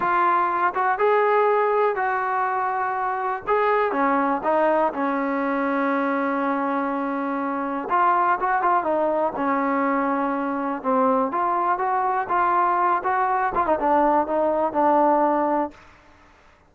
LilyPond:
\new Staff \with { instrumentName = "trombone" } { \time 4/4 \tempo 4 = 122 f'4. fis'8 gis'2 | fis'2. gis'4 | cis'4 dis'4 cis'2~ | cis'1 |
f'4 fis'8 f'8 dis'4 cis'4~ | cis'2 c'4 f'4 | fis'4 f'4. fis'4 f'16 dis'16 | d'4 dis'4 d'2 | }